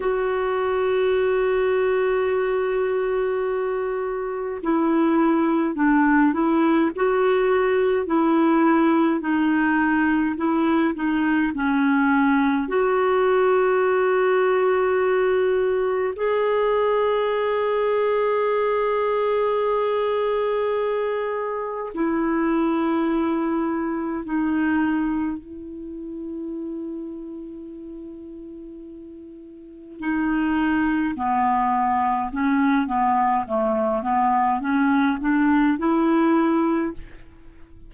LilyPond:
\new Staff \with { instrumentName = "clarinet" } { \time 4/4 \tempo 4 = 52 fis'1 | e'4 d'8 e'8 fis'4 e'4 | dis'4 e'8 dis'8 cis'4 fis'4~ | fis'2 gis'2~ |
gis'2. e'4~ | e'4 dis'4 e'2~ | e'2 dis'4 b4 | cis'8 b8 a8 b8 cis'8 d'8 e'4 | }